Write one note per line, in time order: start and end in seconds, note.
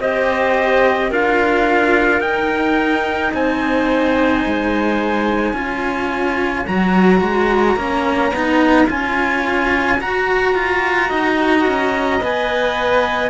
0.00 1.11 C4
0.00 1.12 G4
0.00 1.10 C5
0.00 1.12 D#5
1.10 2.20 D4
1.10 2.21 F4
1.10 3.32 A#4
1.10 2.21 F5
2.20 3.31 D#4
2.20 5.54 D#4
2.20 3.32 G5
3.34 4.45 C4
3.34 5.56 C5
3.34 6.67 G#5
4.45 5.53 G#3
5.53 6.64 C#4
5.53 6.66 F4
5.53 11.08 C#5
6.67 7.21 F#3
6.67 7.78 F#4
6.67 8.89 A#5
7.21 7.76 G#3
7.76 8.31 A#3
7.76 8.34 C#4
8.31 8.87 B3
8.31 8.86 D#4
8.86 10.01 C#4
8.86 9.97 F4
8.86 10.01 G#5
9.98 12.20 F#4
9.98 10.55 F#4
9.98 12.23 A#5
10.55 11.11 F4
11.08 11.67 D#4
11.08 13.30 D#5
11.67 12.21 C#4
12.21 13.30 B3
12.21 13.30 B4
12.21 13.30 G#5